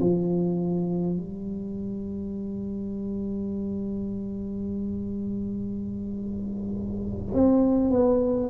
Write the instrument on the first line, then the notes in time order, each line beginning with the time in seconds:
tuba
0.00 F3
1.17 G3
7.34 C4
7.90 B3